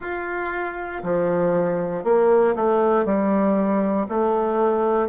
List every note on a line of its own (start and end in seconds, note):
0.00 1.02 F4
1.03 2.03 F3
2.03 2.54 A#3
2.55 3.05 A3
3.05 4.07 G3
4.08 5.08 A3